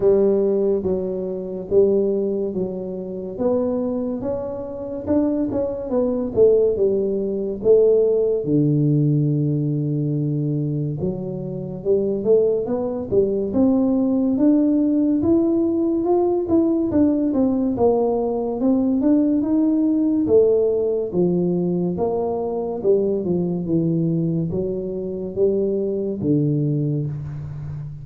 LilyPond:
\new Staff \with { instrumentName = "tuba" } { \time 4/4 \tempo 4 = 71 g4 fis4 g4 fis4 | b4 cis'4 d'8 cis'8 b8 a8 | g4 a4 d2~ | d4 fis4 g8 a8 b8 g8 |
c'4 d'4 e'4 f'8 e'8 | d'8 c'8 ais4 c'8 d'8 dis'4 | a4 f4 ais4 g8 f8 | e4 fis4 g4 d4 | }